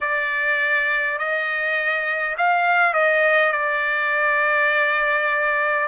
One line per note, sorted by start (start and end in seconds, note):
0.00 1.18 D5
1.18 2.35 D#5
2.37 2.94 F5
2.94 3.52 D#5
3.52 5.87 D5